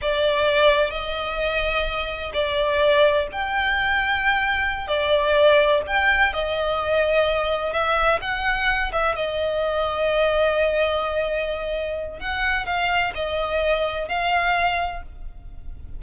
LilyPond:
\new Staff \with { instrumentName = "violin" } { \time 4/4 \tempo 4 = 128 d''2 dis''2~ | dis''4 d''2 g''4~ | g''2~ g''8 d''4.~ | d''8 g''4 dis''2~ dis''8~ |
dis''8 e''4 fis''4. e''8 dis''8~ | dis''1~ | dis''2 fis''4 f''4 | dis''2 f''2 | }